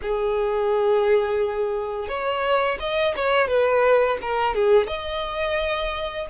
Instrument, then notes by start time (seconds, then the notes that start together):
violin
0.02 G#4
2.08 C#5
2.79 D#5
3.16 C#5
3.47 B4
4.21 A#4
4.54 G#4
4.87 D#5